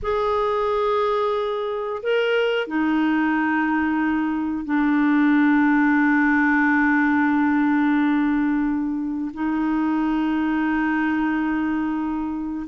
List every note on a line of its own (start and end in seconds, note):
0.02 2.02 G#4
2.02 2.67 A#4
2.67 4.64 D#4
4.64 9.31 D4
9.33 12.67 D#4